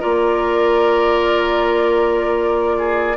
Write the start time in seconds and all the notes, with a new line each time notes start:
0.00 A#3 F4 A#4 D5
2.79 G#4